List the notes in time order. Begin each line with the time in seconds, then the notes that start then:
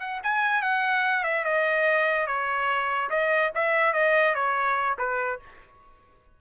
0.00 F#5
0.23 G#5
0.62 F#5
1.24 E5
1.44 D#5
2.26 C#5
3.10 D#5
3.55 E5
3.93 D#5
4.35 C#5
4.98 B4